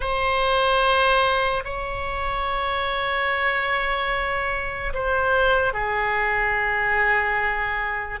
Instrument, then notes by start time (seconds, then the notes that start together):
oboe
0.00 C5
1.64 C#5
4.93 C5
5.73 G#4